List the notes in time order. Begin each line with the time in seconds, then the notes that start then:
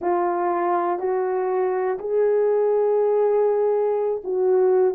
0.01 F4
0.99 F#4
1.99 G#4
4.24 F#4